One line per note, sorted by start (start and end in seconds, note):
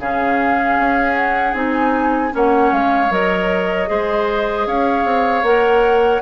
0.00 0.78 C#3
0.00 1.54 C#4
0.00 2.34 G#4
0.00 1.15 F5
0.78 1.54 C#4
1.15 1.54 F#5
1.54 2.31 C4
1.54 2.31 D#4
1.54 2.35 G#5
2.31 2.72 A#3
2.31 3.09 C#4
2.31 3.90 C#5
2.31 2.73 F#5
2.72 3.10 G#3
2.72 3.12 F5
3.10 3.88 F#3
3.10 3.87 A#4
3.10 4.67 D#5
3.87 4.67 G#3
3.87 5.43 G#4
3.87 4.67 C5
4.67 5.04 C#4
4.67 6.21 C#5
4.67 5.44 F5
5.04 5.42 C4
5.42 6.20 A#3
5.42 6.21 A#4
5.42 6.21 F#5